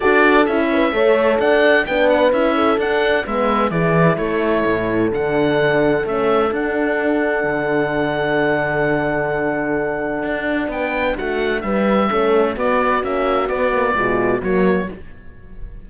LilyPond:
<<
  \new Staff \with { instrumentName = "oboe" } { \time 4/4 \tempo 4 = 129 d''4 e''2 fis''4 | g''8 fis''8 e''4 fis''4 e''4 | d''4 cis''2 fis''4~ | fis''4 e''4 fis''2~ |
fis''1~ | fis''2. g''4 | fis''4 e''2 d''4 | e''4 d''2 cis''4 | }
  \new Staff \with { instrumentName = "horn" } { \time 4/4 a'4. b'8 cis''4 d''4 | b'4. a'4. b'4 | gis'4 a'2.~ | a'1~ |
a'1~ | a'2. b'4 | fis'4 b'4 a'4 fis'4~ | fis'2 f'4 fis'4 | }
  \new Staff \with { instrumentName = "horn" } { \time 4/4 fis'4 e'4 a'2 | d'4 e'4 d'4 b4 | e'2. d'4~ | d'4 cis'4 d'2~ |
d'1~ | d'1~ | d'2 cis'4 b4 | cis'4 b8 ais8 gis4 ais4 | }
  \new Staff \with { instrumentName = "cello" } { \time 4/4 d'4 cis'4 a4 d'4 | b4 cis'4 d'4 gis4 | e4 a4 a,4 d4~ | d4 a4 d'2 |
d1~ | d2 d'4 b4 | a4 g4 a4 b4 | ais4 b4 b,4 fis4 | }
>>